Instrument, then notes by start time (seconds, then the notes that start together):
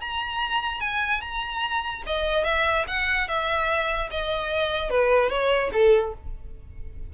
violin
0.00 A#5
0.80 G#5
1.21 A#5
2.06 D#5
2.44 E5
2.87 F#5
3.28 E5
4.11 D#5
4.90 B4
5.29 C#5
5.73 A4